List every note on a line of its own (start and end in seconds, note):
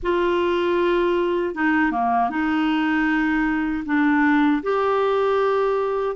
0.02 1.54 F4
1.54 1.91 D#4
1.91 2.29 A#3
2.30 3.84 D#4
3.85 4.62 D4
4.63 6.15 G4